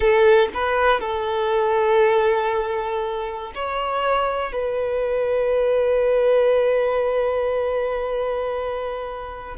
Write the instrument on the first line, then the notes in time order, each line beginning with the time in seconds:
violin
0.00 A4
0.53 B4
1.00 A4
3.54 C#5
4.52 B4